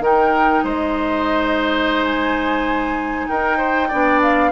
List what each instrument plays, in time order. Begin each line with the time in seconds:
0.00 bassoon D#3, clarinet D#4, oboe A#4, flute G5
0.64 bassoon G#3, oboe C5, flute D#5
2.04 flute G#5
3.28 bassoon D#4, oboe A#4, flute G5
3.58 oboe C5
3.89 bassoon B3, clarinet D4, oboe D5
4.23 flute F5